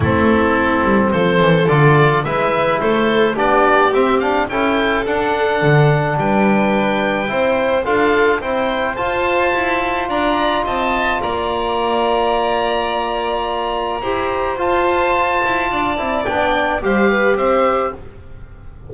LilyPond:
<<
  \new Staff \with { instrumentName = "oboe" } { \time 4/4 \tempo 4 = 107 a'2 c''4 d''4 | e''4 c''4 d''4 e''8 f''8 | g''4 fis''2 g''4~ | g''2 f''4 g''4 |
a''2 ais''4 a''4 | ais''1~ | ais''2 a''2~ | a''4 g''4 f''4 e''4 | }
  \new Staff \with { instrumentName = "violin" } { \time 4/4 e'2 a'2 | b'4 a'4 g'2 | a'2. b'4~ | b'4 c''4 a'4 c''4~ |
c''2 d''4 dis''4 | d''1~ | d''4 c''2. | d''2 c''8 b'8 c''4 | }
  \new Staff \with { instrumentName = "trombone" } { \time 4/4 c'2. f'4 | e'2 d'4 c'8 d'8 | e'4 d'2.~ | d'4 e'4 f'4 e'4 |
f'1~ | f'1~ | f'4 g'4 f'2~ | f'8 e'8 d'4 g'2 | }
  \new Staff \with { instrumentName = "double bass" } { \time 4/4 a4. g8 f8 e8 d4 | gis4 a4 b4 c'4 | cis'4 d'4 d4 g4~ | g4 c'4 d'4 c'4 |
f'4 e'4 d'4 c'4 | ais1~ | ais4 e'4 f'4. e'8 | d'8 c'8 b4 g4 c'4 | }
>>